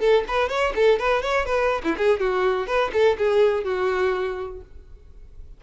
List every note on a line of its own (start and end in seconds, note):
0.00 0.24 A4
0.28 0.49 B4
0.49 0.73 C#5
0.76 0.99 A4
0.99 1.22 B4
1.22 1.45 C#5
1.45 1.82 B4
1.84 1.96 E4
1.98 2.20 G#4
2.20 2.67 F#4
2.67 2.91 B4
2.93 3.17 A4
3.18 3.64 G#4
3.64 4.61 F#4